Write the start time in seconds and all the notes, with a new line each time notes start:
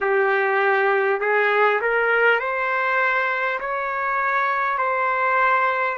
0.00 G4
1.20 G#4
1.81 A#4
2.39 C5
3.60 C#5
4.78 C5